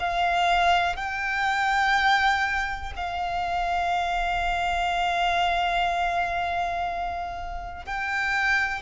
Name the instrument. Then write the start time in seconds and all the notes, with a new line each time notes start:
violin
0.00 F5
0.96 G5
2.96 F5
7.86 G5